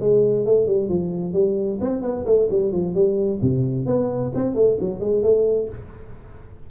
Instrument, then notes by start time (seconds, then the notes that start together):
tuba
0.00 G#3
0.46 A3
0.67 G3
0.89 F3
1.33 G3
1.81 C4
2.02 B3
2.25 A3
2.50 G3
2.72 F3
2.94 G3
3.42 C3
3.86 B3
4.35 C4
4.55 A3
4.80 F#3
5.00 G#3
5.23 A3